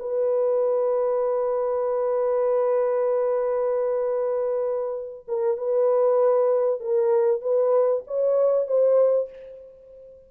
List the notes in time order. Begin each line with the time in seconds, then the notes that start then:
0.00 B4
5.28 A#4
5.58 B4
6.81 A#4
7.42 B4
8.07 C#5
8.68 C5